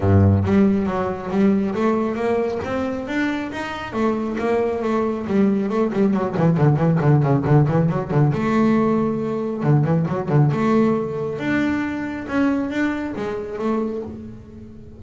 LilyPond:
\new Staff \with { instrumentName = "double bass" } { \time 4/4 \tempo 4 = 137 g,4 g4 fis4 g4 | a4 ais4 c'4 d'4 | dis'4 a4 ais4 a4 | g4 a8 g8 fis8 e8 d8 e8 |
d8 cis8 d8 e8 fis8 d8 a4~ | a2 d8 e8 fis8 d8 | a2 d'2 | cis'4 d'4 gis4 a4 | }